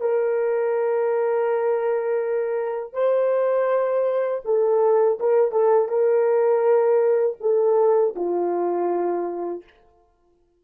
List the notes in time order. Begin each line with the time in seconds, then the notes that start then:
0.00 A#4
2.93 C5
4.45 A4
5.20 A#4
5.52 A4
5.89 A#4
7.41 A4
8.16 F4